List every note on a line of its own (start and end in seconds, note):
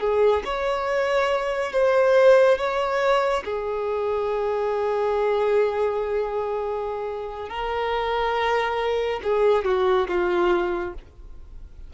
0.00 0.43 G#4
0.45 1.73 C#5
1.73 2.58 C5
2.58 3.44 C#5
3.44 7.49 G#4
7.49 9.21 A#4
9.23 9.65 G#4
9.65 10.08 F#4
10.08 10.94 F4